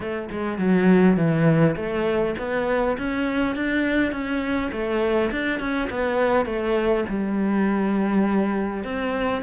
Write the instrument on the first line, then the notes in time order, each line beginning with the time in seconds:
cello
0.00 A3
0.31 G#3
0.58 F#3
1.16 E3
1.75 A3
2.38 B3
2.98 C#4
3.55 D4
4.11 C#4
4.71 A3
5.31 D4
5.59 C#4
5.90 B3
6.45 A3
7.08 G3
8.83 C4